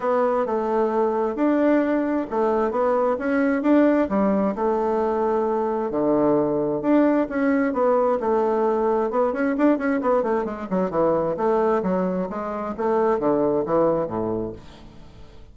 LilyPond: \new Staff \with { instrumentName = "bassoon" } { \time 4/4 \tempo 4 = 132 b4 a2 d'4~ | d'4 a4 b4 cis'4 | d'4 g4 a2~ | a4 d2 d'4 |
cis'4 b4 a2 | b8 cis'8 d'8 cis'8 b8 a8 gis8 fis8 | e4 a4 fis4 gis4 | a4 d4 e4 a,4 | }